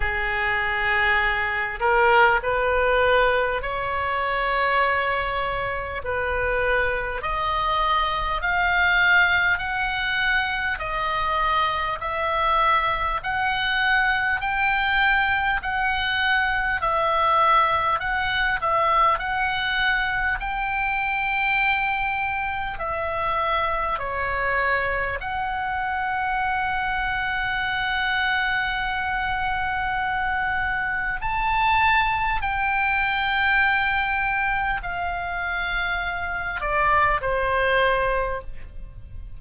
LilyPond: \new Staff \with { instrumentName = "oboe" } { \time 4/4 \tempo 4 = 50 gis'4. ais'8 b'4 cis''4~ | cis''4 b'4 dis''4 f''4 | fis''4 dis''4 e''4 fis''4 | g''4 fis''4 e''4 fis''8 e''8 |
fis''4 g''2 e''4 | cis''4 fis''2.~ | fis''2 a''4 g''4~ | g''4 f''4. d''8 c''4 | }